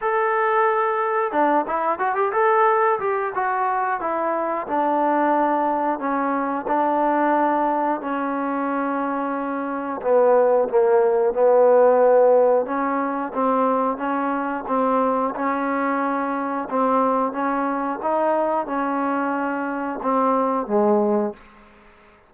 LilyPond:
\new Staff \with { instrumentName = "trombone" } { \time 4/4 \tempo 4 = 90 a'2 d'8 e'8 fis'16 g'16 a'8~ | a'8 g'8 fis'4 e'4 d'4~ | d'4 cis'4 d'2 | cis'2. b4 |
ais4 b2 cis'4 | c'4 cis'4 c'4 cis'4~ | cis'4 c'4 cis'4 dis'4 | cis'2 c'4 gis4 | }